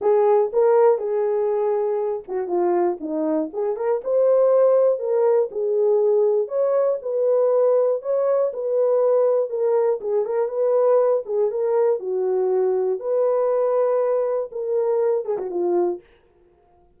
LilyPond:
\new Staff \with { instrumentName = "horn" } { \time 4/4 \tempo 4 = 120 gis'4 ais'4 gis'2~ | gis'8 fis'8 f'4 dis'4 gis'8 ais'8 | c''2 ais'4 gis'4~ | gis'4 cis''4 b'2 |
cis''4 b'2 ais'4 | gis'8 ais'8 b'4. gis'8 ais'4 | fis'2 b'2~ | b'4 ais'4. gis'16 fis'16 f'4 | }